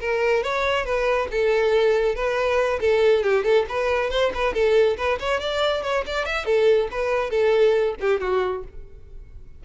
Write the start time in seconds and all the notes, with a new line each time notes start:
0.00 A#4
0.43 C#5
0.85 B4
1.31 A4
2.15 B4
2.81 A4
3.23 G4
3.44 A4
3.69 B4
4.11 C5
4.35 B4
4.54 A4
4.97 B4
5.20 C#5
5.40 D5
5.83 C#5
6.07 D5
6.26 E5
6.46 A4
6.91 B4
7.30 A4
8.01 G4
8.21 F#4